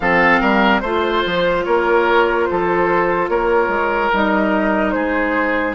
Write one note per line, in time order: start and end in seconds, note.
0.00 0.41 F3
0.00 0.84 C4
0.00 0.40 A4
0.00 0.79 F5
0.40 0.82 G3
0.40 0.81 A#4
0.79 1.23 A3
0.79 4.13 F4
0.79 1.61 C5
0.79 1.64 C5
1.25 1.66 F3
1.64 2.49 A#3
1.64 2.48 A#4
1.64 2.45 C#5
2.45 3.29 F3
2.45 3.30 A4
2.45 3.27 C5
3.29 3.68 A#3
3.29 4.94 A#4
3.29 4.11 C#5
3.68 4.09 G#3
4.13 4.95 G3
4.13 5.75 D#4
4.13 4.91 D#5
4.91 5.75 G#3
4.91 5.75 G#4
4.91 5.73 C5